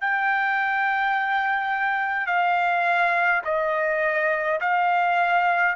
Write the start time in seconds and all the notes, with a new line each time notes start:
0.00 G5
2.27 F5
3.44 D#5
4.60 F5